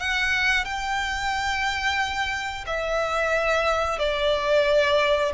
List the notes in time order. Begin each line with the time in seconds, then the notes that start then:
0.00 F#5
0.65 G5
2.67 E5
3.99 D5